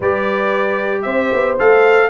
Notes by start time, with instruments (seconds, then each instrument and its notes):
0.00 tuba G3, trombone G4, horn B4, trumpet D5
1.02 tuba C4, horn C5, trumpet E5
1.33 tuba B3
1.58 tuba A3, trombone A4, trumpet F5